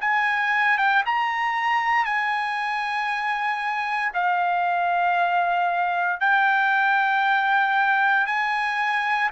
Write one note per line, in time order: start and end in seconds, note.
0.00 0.77 G#5
0.77 1.03 G5
1.05 2.05 A#5
2.05 4.11 G#5
4.13 6.20 F5
6.20 8.26 G5
8.26 9.30 G#5